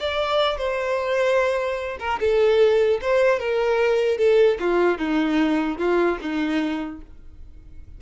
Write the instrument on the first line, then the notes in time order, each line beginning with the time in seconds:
violin
0.00 D5
0.58 C5
1.99 A#4
2.21 A4
3.01 C5
3.39 A#4
4.18 A4
4.60 F4
4.98 D#4
5.78 F4
6.21 D#4